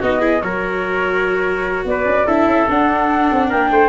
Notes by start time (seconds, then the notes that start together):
0.00 B3 D#4 F#4 D#5
0.20 E4 G#4
0.42 F#3 F#4 A#4 C#5
1.85 B3 B4 D5
2.05 C#4
2.26 D4 E4 A4 E5
2.46 C#4
2.69 D4 F#5
3.32 C4
3.49 A#3 A#4 G5
3.71 A3 C5